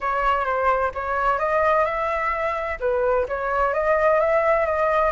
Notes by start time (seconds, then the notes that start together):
0.01 C#5
0.45 C5
0.94 C#5
1.38 D#5
1.85 E5
2.80 B4
3.28 C#5
3.73 D#5
4.20 E5
4.66 D#5